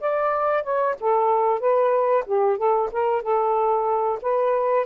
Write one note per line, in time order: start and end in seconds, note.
0.00 0.63 D5
0.63 0.95 C#5
1.00 1.60 A4
1.60 2.24 B4
2.26 2.57 G4
2.57 2.90 A4
2.92 3.22 A#4
3.22 4.19 A4
4.22 4.86 B4